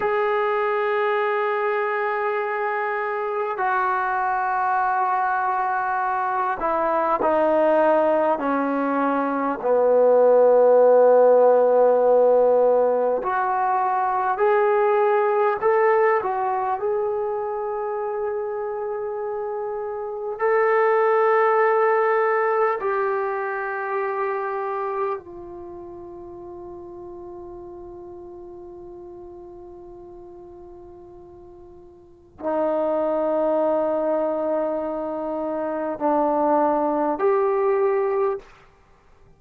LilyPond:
\new Staff \with { instrumentName = "trombone" } { \time 4/4 \tempo 4 = 50 gis'2. fis'4~ | fis'4. e'8 dis'4 cis'4 | b2. fis'4 | gis'4 a'8 fis'8 gis'2~ |
gis'4 a'2 g'4~ | g'4 f'2.~ | f'2. dis'4~ | dis'2 d'4 g'4 | }